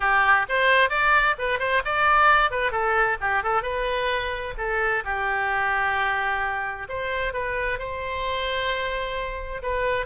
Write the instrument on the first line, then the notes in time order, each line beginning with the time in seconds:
oboe
0.00 G4
0.49 C5
0.89 D5
1.38 B4
1.59 C5
1.84 D5
2.50 B4
2.71 A4
3.21 G4
3.43 A4
3.62 B4
4.57 A4
5.04 G4
6.88 C5
7.33 B4
7.78 C5
9.62 B4